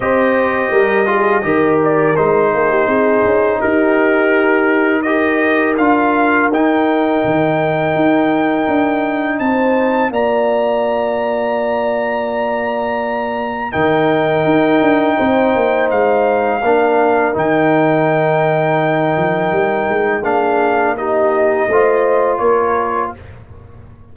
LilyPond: <<
  \new Staff \with { instrumentName = "trumpet" } { \time 4/4 \tempo 4 = 83 dis''2~ dis''8 d''8 c''4~ | c''4 ais'2 dis''4 | f''4 g''2.~ | g''4 a''4 ais''2~ |
ais''2. g''4~ | g''2 f''2 | g''1 | f''4 dis''2 cis''4 | }
  \new Staff \with { instrumentName = "horn" } { \time 4/4 c''4 ais'8 gis'8 ais'4. gis'16 g'16 | gis'4 g'2 ais'4~ | ais'1~ | ais'4 c''4 d''2~ |
d''2. ais'4~ | ais'4 c''2 ais'4~ | ais'1 | gis'4 g'4 c''4 ais'4 | }
  \new Staff \with { instrumentName = "trombone" } { \time 4/4 g'4. f'8 g'4 dis'4~ | dis'2. g'4 | f'4 dis'2.~ | dis'2 f'2~ |
f'2. dis'4~ | dis'2. d'4 | dis'1 | d'4 dis'4 f'2 | }
  \new Staff \with { instrumentName = "tuba" } { \time 4/4 c'4 g4 dis4 gis8 ais8 | c'8 cis'8 dis'2. | d'4 dis'4 dis4 dis'4 | d'4 c'4 ais2~ |
ais2. dis4 | dis'8 d'8 c'8 ais8 gis4 ais4 | dis2~ dis8 f8 g8 gis8 | ais2 a4 ais4 | }
>>